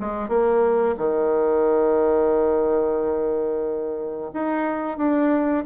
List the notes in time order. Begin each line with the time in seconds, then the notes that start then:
0.00 G#3
0.28 A#3
0.97 D#3
4.33 D#4
4.97 D4